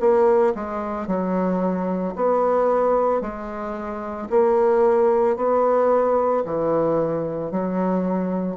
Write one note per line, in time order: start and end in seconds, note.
0.00 0.54 A#3
0.55 1.07 G#3
1.07 2.14 F#3
2.16 3.21 B3
3.21 4.29 G#3
4.31 5.37 A#3
5.37 6.44 B3
6.46 7.51 E3
7.51 8.57 F#3